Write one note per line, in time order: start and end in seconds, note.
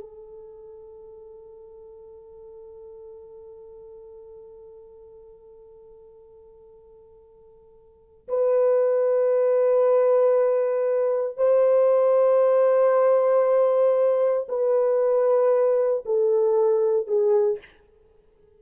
0.00 8.28 A4
8.28 11.37 B4
11.37 14.47 C5
14.49 16.04 B4
16.05 17.07 A4
17.07 17.59 G#4